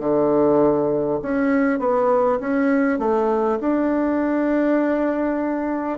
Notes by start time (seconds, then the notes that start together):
0.00 D3
1.22 C#4
1.79 B3
2.40 C#4
2.99 A3
3.61 D4